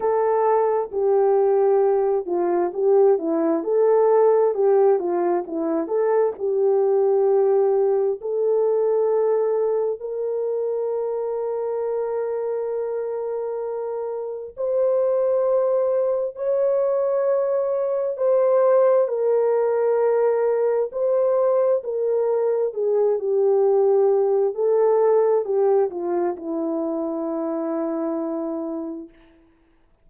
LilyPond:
\new Staff \with { instrumentName = "horn" } { \time 4/4 \tempo 4 = 66 a'4 g'4. f'8 g'8 e'8 | a'4 g'8 f'8 e'8 a'8 g'4~ | g'4 a'2 ais'4~ | ais'1 |
c''2 cis''2 | c''4 ais'2 c''4 | ais'4 gis'8 g'4. a'4 | g'8 f'8 e'2. | }